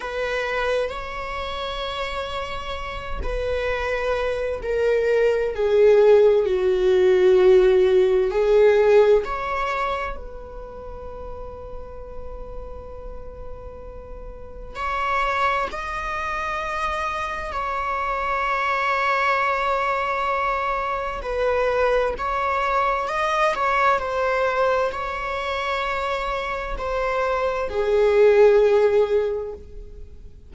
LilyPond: \new Staff \with { instrumentName = "viola" } { \time 4/4 \tempo 4 = 65 b'4 cis''2~ cis''8 b'8~ | b'4 ais'4 gis'4 fis'4~ | fis'4 gis'4 cis''4 b'4~ | b'1 |
cis''4 dis''2 cis''4~ | cis''2. b'4 | cis''4 dis''8 cis''8 c''4 cis''4~ | cis''4 c''4 gis'2 | }